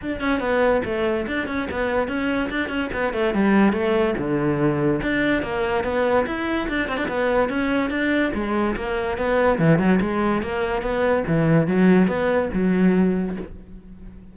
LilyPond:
\new Staff \with { instrumentName = "cello" } { \time 4/4 \tempo 4 = 144 d'8 cis'8 b4 a4 d'8 cis'8 | b4 cis'4 d'8 cis'8 b8 a8 | g4 a4 d2 | d'4 ais4 b4 e'4 |
d'8 c'16 d'16 b4 cis'4 d'4 | gis4 ais4 b4 e8 fis8 | gis4 ais4 b4 e4 | fis4 b4 fis2 | }